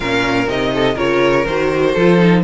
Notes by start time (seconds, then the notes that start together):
0.00 A#2 C#4 A#4 F5
0.46 C3 D#4 D#5
0.74 A4
0.94 C#3 F4 A#4 C#5
1.45 D#3 F#4 C5
1.93 F3 F4 A4
2.17 D#4